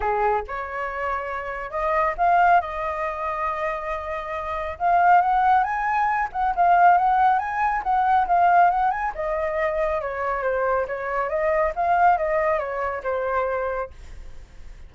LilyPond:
\new Staff \with { instrumentName = "flute" } { \time 4/4 \tempo 4 = 138 gis'4 cis''2. | dis''4 f''4 dis''2~ | dis''2. f''4 | fis''4 gis''4. fis''8 f''4 |
fis''4 gis''4 fis''4 f''4 | fis''8 gis''8 dis''2 cis''4 | c''4 cis''4 dis''4 f''4 | dis''4 cis''4 c''2 | }